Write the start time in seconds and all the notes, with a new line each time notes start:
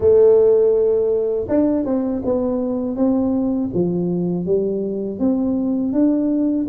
0.00 A3
1.48 D4
1.85 C4
2.25 B3
2.96 C4
3.73 F3
4.45 G3
5.19 C4
5.93 D4